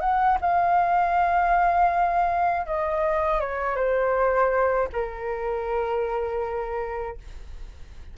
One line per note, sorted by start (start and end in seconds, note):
0.00 0.38 F#5
0.41 2.66 F5
2.66 3.40 D#5
3.40 3.76 C#5
3.76 4.88 C5
4.92 7.17 A#4